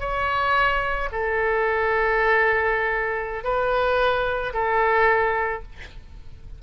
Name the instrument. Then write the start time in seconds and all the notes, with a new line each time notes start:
oboe
0.00 C#5
1.12 A4
3.44 B4
4.54 A4